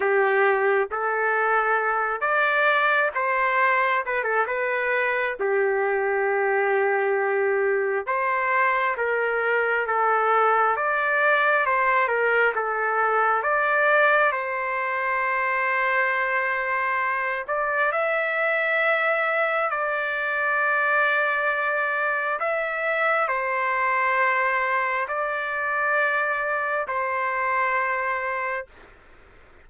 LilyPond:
\new Staff \with { instrumentName = "trumpet" } { \time 4/4 \tempo 4 = 67 g'4 a'4. d''4 c''8~ | c''8 b'16 a'16 b'4 g'2~ | g'4 c''4 ais'4 a'4 | d''4 c''8 ais'8 a'4 d''4 |
c''2.~ c''8 d''8 | e''2 d''2~ | d''4 e''4 c''2 | d''2 c''2 | }